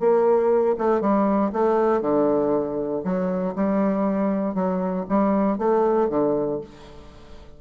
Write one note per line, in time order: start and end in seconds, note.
0.00 0.76 A#3
0.79 1.01 A3
1.01 1.52 G3
1.53 2.02 A3
2.02 3.03 D3
3.05 3.55 F#3
3.56 4.55 G3
4.55 5.06 F#3
5.10 5.59 G3
5.59 6.10 A3
6.10 6.61 D3